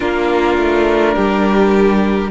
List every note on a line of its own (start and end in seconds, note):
0.00 0.58 A#3
0.00 2.30 D4
0.00 1.15 F4
0.00 2.31 A#4
0.58 1.15 A3
1.15 2.31 G3
1.15 2.30 G4